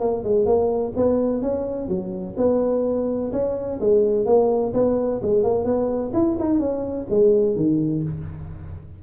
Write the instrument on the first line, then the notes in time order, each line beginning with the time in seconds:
tuba
0.00 A#3
0.23 G#3
0.46 A#3
0.96 B3
1.42 C#4
1.88 F#3
2.37 B3
3.32 C#4
3.80 G#3
4.26 A#3
4.73 B3
5.22 G#3
5.43 A#3
5.64 B3
6.13 E4
6.39 D#4
6.59 C#4
7.10 G#3
7.56 D#3